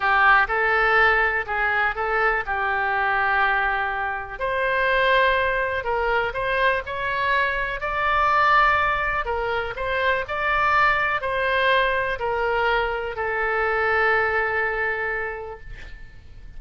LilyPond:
\new Staff \with { instrumentName = "oboe" } { \time 4/4 \tempo 4 = 123 g'4 a'2 gis'4 | a'4 g'2.~ | g'4 c''2. | ais'4 c''4 cis''2 |
d''2. ais'4 | c''4 d''2 c''4~ | c''4 ais'2 a'4~ | a'1 | }